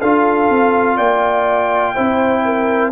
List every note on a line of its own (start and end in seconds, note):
0.00 0.50 D4
0.00 1.96 F4
0.00 0.97 A4
0.00 0.97 F5
0.50 0.98 C4
0.97 1.95 A#3
0.97 1.93 D5
0.97 2.91 G5
1.95 2.92 C4
1.95 2.92 E4
1.95 2.43 C5
2.45 2.92 A#4